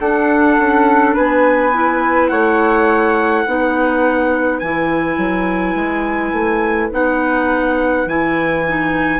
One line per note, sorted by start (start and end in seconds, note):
0.00 1.73 D4
0.00 0.58 D4
0.00 1.15 A4
0.00 1.16 F#5
0.59 1.16 C#4
1.15 2.31 B3
1.15 2.30 B4
1.15 2.28 G#5
1.73 3.46 E4
2.28 3.46 A3
2.28 3.43 C#5
2.28 4.59 F#5
3.43 4.62 B3
3.43 4.62 D#4
3.43 9.20 B4
4.59 5.17 E3
4.59 6.91 E4
4.59 6.90 G#5
5.17 5.75 F#3
5.75 6.32 G#3
6.32 6.90 A3
6.91 8.06 B3
6.91 8.07 D#4
6.91 8.09 F#5
8.06 9.20 E3
8.06 8.65 E4
8.06 9.20 G#5
8.68 9.20 D#4